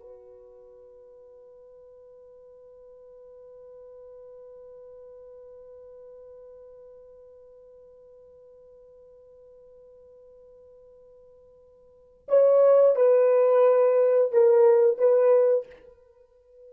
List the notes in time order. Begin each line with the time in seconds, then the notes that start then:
0.00 B4
12.29 C#5
12.96 B4
14.32 A#4
14.98 B4